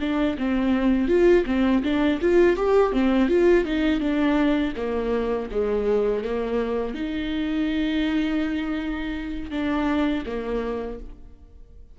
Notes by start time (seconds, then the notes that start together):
0.00 D4
0.38 C4
1.08 F4
1.46 C4
1.83 D4
2.21 F4
2.56 G4
2.92 C4
3.28 F4
3.64 D#4
4.00 D4
4.76 A#3
5.51 G#3
6.24 A#3
6.94 D#4
9.51 D4
10.26 A#3